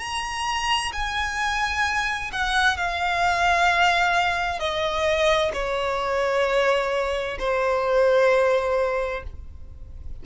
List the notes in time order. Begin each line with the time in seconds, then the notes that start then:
0.00 A#5
0.93 G#5
2.32 F#5
2.77 F5
4.59 D#5
5.53 C#5
7.39 C5